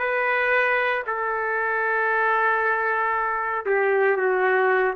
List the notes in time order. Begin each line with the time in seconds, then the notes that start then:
0.00 B4
1.07 A4
3.66 G4
4.17 F#4